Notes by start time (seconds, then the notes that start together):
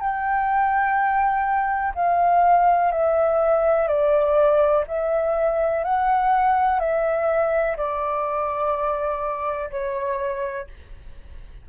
0.00 G5
1.95 F5
2.92 E5
3.88 D5
4.87 E5
5.84 F#5
6.80 E5
7.77 D5
9.70 C#5